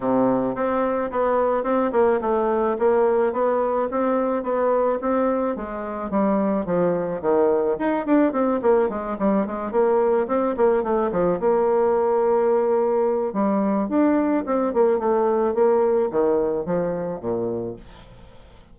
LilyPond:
\new Staff \with { instrumentName = "bassoon" } { \time 4/4 \tempo 4 = 108 c4 c'4 b4 c'8 ais8 | a4 ais4 b4 c'4 | b4 c'4 gis4 g4 | f4 dis4 dis'8 d'8 c'8 ais8 |
gis8 g8 gis8 ais4 c'8 ais8 a8 | f8 ais2.~ ais8 | g4 d'4 c'8 ais8 a4 | ais4 dis4 f4 ais,4 | }